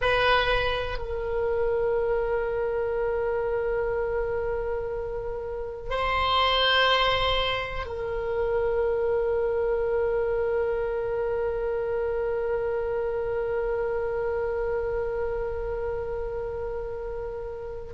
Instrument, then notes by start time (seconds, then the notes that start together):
oboe
0.00 B4
0.98 A#4
5.90 C5
7.86 A#4